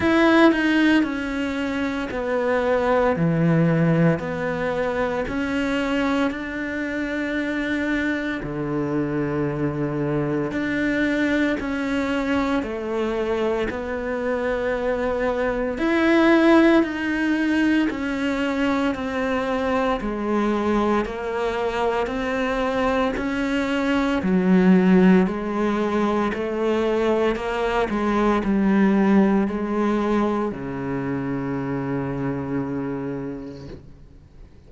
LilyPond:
\new Staff \with { instrumentName = "cello" } { \time 4/4 \tempo 4 = 57 e'8 dis'8 cis'4 b4 e4 | b4 cis'4 d'2 | d2 d'4 cis'4 | a4 b2 e'4 |
dis'4 cis'4 c'4 gis4 | ais4 c'4 cis'4 fis4 | gis4 a4 ais8 gis8 g4 | gis4 cis2. | }